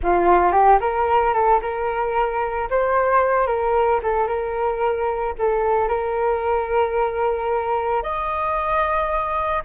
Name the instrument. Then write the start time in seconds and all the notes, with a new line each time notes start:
flute
0.03 F4
0.52 G4
0.80 A#4
1.33 A4
1.61 A#4
2.69 C5
3.47 A#4
4.02 A4
4.27 A#4
5.38 A4
5.88 A#4
8.02 D#5